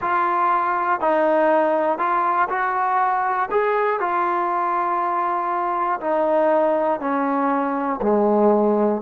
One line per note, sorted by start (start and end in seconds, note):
0.00 1.00 F4
1.00 1.98 D#4
1.98 2.48 F4
2.49 3.49 F#4
3.50 4.00 G#4
4.00 6.00 F4
6.00 7.00 D#4
7.00 8.00 C#4
8.01 9.01 G#3